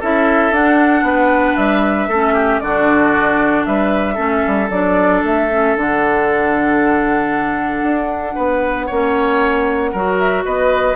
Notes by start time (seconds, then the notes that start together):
0.00 C#4 E4 A4 E5
0.52 D4 F#5
1.02 B3 B4
1.57 G3 E5
2.08 A3 C#4 A4
2.34 G4
2.60 D3 D4 F#4 D5
3.66 G3 B4 E5
4.15 A3 C#4 A4
4.47 G3
4.70 F#3 D4 D5
5.23 A3 E5
5.51 C#4
5.76 D3 D4 F#5
7.83 D4
8.35 B3 B4
8.87 A#3 C#4 C#5
9.92 F#3 F#4 A#4
10.19 E5
10.45 B3 B4 D#5